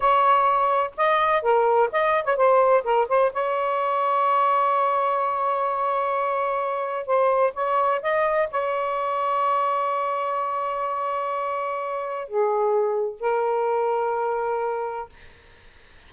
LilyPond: \new Staff \with { instrumentName = "saxophone" } { \time 4/4 \tempo 4 = 127 cis''2 dis''4 ais'4 | dis''8. cis''16 c''4 ais'8 c''8 cis''4~ | cis''1~ | cis''2. c''4 |
cis''4 dis''4 cis''2~ | cis''1~ | cis''2 gis'2 | ais'1 | }